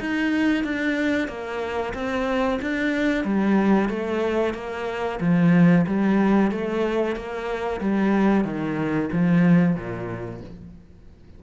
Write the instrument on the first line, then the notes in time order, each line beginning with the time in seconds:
cello
0.00 D#4
0.64 D4
1.28 A#3
1.94 C4
2.61 D4
3.24 G3
3.89 A3
4.54 A#3
5.21 F3
5.87 G3
6.51 A3
7.16 A#3
7.80 G3
8.44 D#3
9.12 F3
9.76 A#2